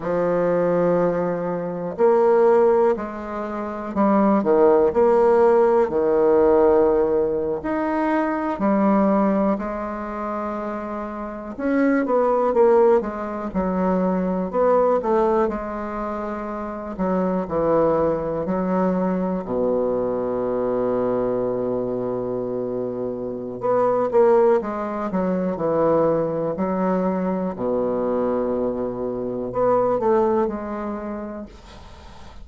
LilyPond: \new Staff \with { instrumentName = "bassoon" } { \time 4/4 \tempo 4 = 61 f2 ais4 gis4 | g8 dis8 ais4 dis4.~ dis16 dis'16~ | dis'8. g4 gis2 cis'16~ | cis'16 b8 ais8 gis8 fis4 b8 a8 gis16~ |
gis4~ gis16 fis8 e4 fis4 b,16~ | b,1 | b8 ais8 gis8 fis8 e4 fis4 | b,2 b8 a8 gis4 | }